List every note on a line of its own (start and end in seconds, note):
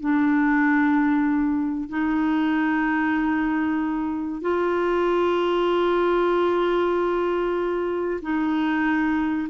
0.00 1.89 D4
1.89 4.41 D#4
4.41 8.20 F4
8.22 9.48 D#4